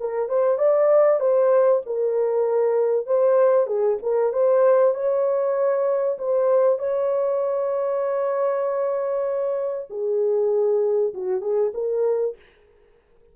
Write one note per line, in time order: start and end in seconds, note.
0.00 0.29 A#4
0.29 0.58 C5
0.58 1.20 D5
1.20 1.82 C5
1.86 3.06 A#4
3.06 3.67 C5
3.67 3.98 G#4
4.02 4.33 A#4
4.33 4.94 C5
4.94 6.18 C#5
6.19 6.79 C5
6.79 9.88 C#5
9.90 11.14 G#4
11.14 11.41 F#4
11.41 11.72 G#4
11.74 12.36 A#4